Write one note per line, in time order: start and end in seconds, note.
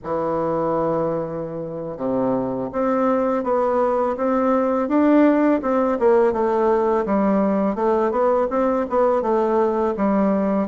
0.03 1.97 E3
1.97 2.69 C3
2.72 3.43 C4
3.43 4.16 B3
4.16 4.88 C4
4.88 5.60 D4
5.62 5.98 C4
5.99 6.33 A#3
6.33 7.05 A3
7.05 7.75 G3
7.75 8.11 A3
8.11 8.47 B3
8.49 8.86 C4
8.89 9.22 B3
9.22 9.94 A3
9.96 10.67 G3